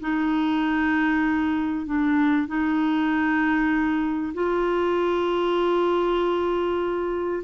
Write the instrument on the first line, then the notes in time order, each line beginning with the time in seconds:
clarinet
0.00 D#4
1.86 D4
2.47 D#4
4.34 F4